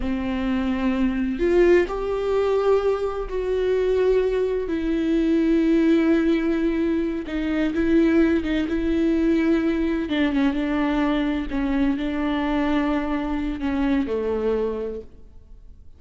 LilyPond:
\new Staff \with { instrumentName = "viola" } { \time 4/4 \tempo 4 = 128 c'2. f'4 | g'2. fis'4~ | fis'2 e'2~ | e'2.~ e'8 dis'8~ |
dis'8 e'4. dis'8 e'4.~ | e'4. d'8 cis'8 d'4.~ | d'8 cis'4 d'2~ d'8~ | d'4 cis'4 a2 | }